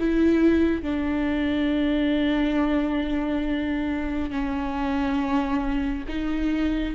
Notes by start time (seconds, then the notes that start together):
0.00 E4
0.83 D4
4.31 C#4
6.09 D#4